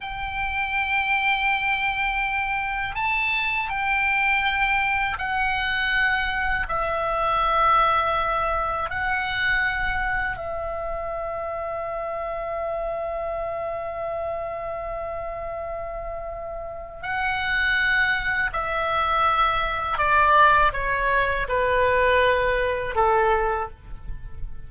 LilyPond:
\new Staff \with { instrumentName = "oboe" } { \time 4/4 \tempo 4 = 81 g''1 | a''4 g''2 fis''4~ | fis''4 e''2. | fis''2 e''2~ |
e''1~ | e''2. fis''4~ | fis''4 e''2 d''4 | cis''4 b'2 a'4 | }